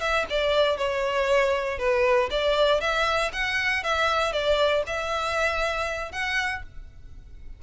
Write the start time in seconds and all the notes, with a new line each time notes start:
0.00 E5
0.30 D5
0.77 C#5
1.78 B4
2.31 D5
2.81 E5
3.33 F#5
3.83 E5
4.32 D5
4.86 E5
6.12 F#5